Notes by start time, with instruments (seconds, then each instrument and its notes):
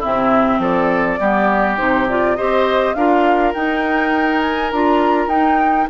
0.00 bassoon C3, clarinet C4, oboe E4, flute E5
0.59 bassoon F3, oboe A4, flute D5
1.20 bassoon G3, clarinet B3, oboe G4
1.77 bassoon C3, clarinet D#4, flute C5
2.09 clarinet F4, flute D5
2.36 bassoon C4, clarinet G4, oboe C5, flute D#5
2.94 bassoon D4, clarinet F4, oboe A#4, flute F5
3.54 clarinet D#4, bassoon D#4, flute G5
4.42 flute G#5
4.72 bassoon D4, clarinet F4, flute A#5
5.28 bassoon D#4, clarinet D#4, flute G5